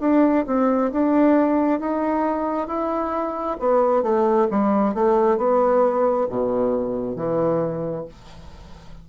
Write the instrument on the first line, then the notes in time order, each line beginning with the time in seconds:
bassoon
0.00 D4
0.46 C4
0.92 D4
1.80 D#4
2.67 E4
3.59 B3
4.02 A3
4.50 G3
4.94 A3
5.37 B3
6.29 B2
7.15 E3